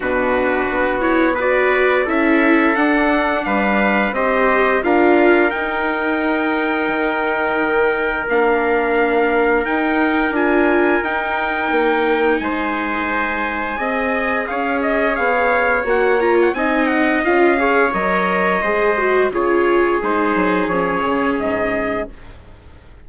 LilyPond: <<
  \new Staff \with { instrumentName = "trumpet" } { \time 4/4 \tempo 4 = 87 b'4. cis''8 d''4 e''4 | fis''4 f''4 dis''4 f''4 | g''1 | f''2 g''4 gis''4 |
g''2 gis''2~ | gis''4 f''8 dis''8 f''4 fis''8 ais''16 fis''16 | gis''8 fis''8 f''4 dis''2 | cis''4 c''4 cis''4 dis''4 | }
  \new Staff \with { instrumentName = "trumpet" } { \time 4/4 fis'2 b'4 a'4~ | a'4 b'4 c''4 ais'4~ | ais'1~ | ais'1~ |
ais'2 c''2 | dis''4 cis''2. | dis''4. cis''4. c''4 | gis'1 | }
  \new Staff \with { instrumentName = "viola" } { \time 4/4 d'4. e'8 fis'4 e'4 | d'2 g'4 f'4 | dis'1 | d'2 dis'4 f'4 |
dis'1 | gis'2. fis'8 f'8 | dis'4 f'8 gis'8 ais'4 gis'8 fis'8 | f'4 dis'4 cis'2 | }
  \new Staff \with { instrumentName = "bassoon" } { \time 4/4 b,4 b2 cis'4 | d'4 g4 c'4 d'4 | dis'2 dis2 | ais2 dis'4 d'4 |
dis'4 ais4 gis2 | c'4 cis'4 b4 ais4 | c'4 cis'4 fis4 gis4 | cis4 gis8 fis8 f8 cis8 gis,4 | }
>>